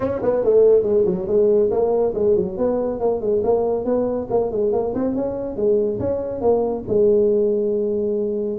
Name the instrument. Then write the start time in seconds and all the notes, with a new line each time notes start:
tuba
0.00 C#4
0.22 B3
0.43 A3
0.83 G#3
1.05 F#3
1.27 G#3
1.70 A#3
2.14 G#3
2.36 F#3
2.57 B3
2.99 A#3
3.20 G#3
3.43 A#3
3.85 B3
4.30 A#3
4.51 G#3
4.72 A#3
4.94 C4
5.15 C#4
5.56 G#3
5.99 C#4
6.41 A#3
6.87 G#3